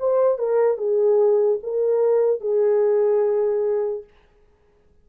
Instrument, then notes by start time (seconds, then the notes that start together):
horn
0.00 C5
0.39 A#4
0.78 G#4
1.64 A#4
2.41 G#4